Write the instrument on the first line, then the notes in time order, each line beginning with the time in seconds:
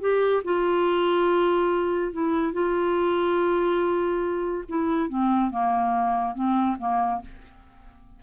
clarinet
0.00 G4
0.44 F4
2.12 E4
2.53 F4
4.68 E4
5.09 C4
5.50 A#3
6.34 C4
6.79 A#3